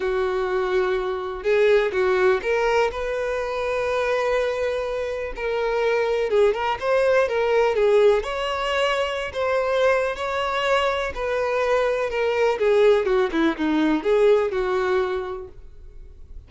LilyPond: \new Staff \with { instrumentName = "violin" } { \time 4/4 \tempo 4 = 124 fis'2. gis'4 | fis'4 ais'4 b'2~ | b'2. ais'4~ | ais'4 gis'8 ais'8 c''4 ais'4 |
gis'4 cis''2~ cis''16 c''8.~ | c''4 cis''2 b'4~ | b'4 ais'4 gis'4 fis'8 e'8 | dis'4 gis'4 fis'2 | }